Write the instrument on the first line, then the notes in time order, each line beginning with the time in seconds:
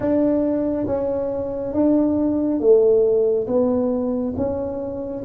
tuba
0.00 D4
0.86 C#4
1.73 D4
2.59 A3
3.47 B3
4.37 C#4